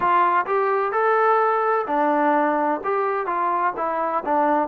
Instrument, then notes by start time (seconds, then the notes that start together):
trombone
0.00 F4
0.46 G4
0.92 A4
1.87 D4
2.84 G4
3.26 F4
3.76 E4
4.24 D4